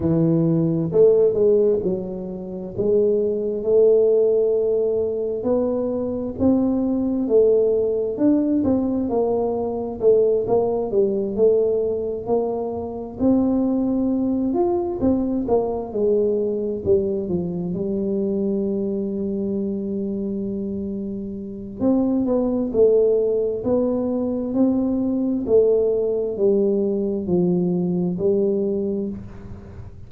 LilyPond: \new Staff \with { instrumentName = "tuba" } { \time 4/4 \tempo 4 = 66 e4 a8 gis8 fis4 gis4 | a2 b4 c'4 | a4 d'8 c'8 ais4 a8 ais8 | g8 a4 ais4 c'4. |
f'8 c'8 ais8 gis4 g8 f8 g8~ | g1 | c'8 b8 a4 b4 c'4 | a4 g4 f4 g4 | }